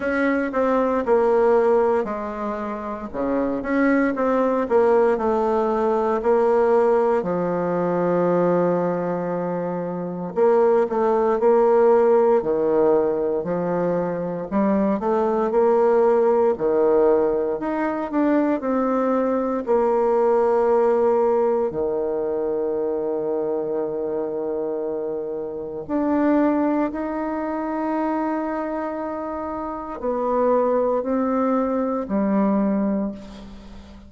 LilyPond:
\new Staff \with { instrumentName = "bassoon" } { \time 4/4 \tempo 4 = 58 cis'8 c'8 ais4 gis4 cis8 cis'8 | c'8 ais8 a4 ais4 f4~ | f2 ais8 a8 ais4 | dis4 f4 g8 a8 ais4 |
dis4 dis'8 d'8 c'4 ais4~ | ais4 dis2.~ | dis4 d'4 dis'2~ | dis'4 b4 c'4 g4 | }